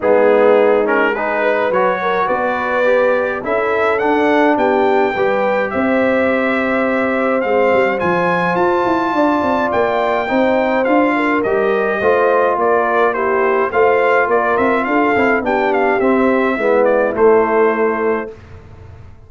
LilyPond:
<<
  \new Staff \with { instrumentName = "trumpet" } { \time 4/4 \tempo 4 = 105 gis'4. ais'8 b'4 cis''4 | d''2 e''4 fis''4 | g''2 e''2~ | e''4 f''4 gis''4 a''4~ |
a''4 g''2 f''4 | dis''2 d''4 c''4 | f''4 d''8 e''8 f''4 g''8 f''8 | e''4. d''8 c''2 | }
  \new Staff \with { instrumentName = "horn" } { \time 4/4 dis'2 gis'8 b'4 ais'8 | b'2 a'2 | g'4 b'4 c''2~ | c''1 |
d''2 c''4. ais'8~ | ais'4 c''4 ais'4 g'4 | c''4 ais'4 a'4 g'4~ | g'4 e'2. | }
  \new Staff \with { instrumentName = "trombone" } { \time 4/4 b4. cis'8 dis'4 fis'4~ | fis'4 g'4 e'4 d'4~ | d'4 g'2.~ | g'4 c'4 f'2~ |
f'2 dis'4 f'4 | g'4 f'2 e'4 | f'2~ f'8 e'8 d'4 | c'4 b4 a2 | }
  \new Staff \with { instrumentName = "tuba" } { \time 4/4 gis2. fis4 | b2 cis'4 d'4 | b4 g4 c'2~ | c'4 gis8 g8 f4 f'8 e'8 |
d'8 c'8 ais4 c'4 d'4 | g4 a4 ais2 | a4 ais8 c'8 d'8 c'8 b4 | c'4 gis4 a2 | }
>>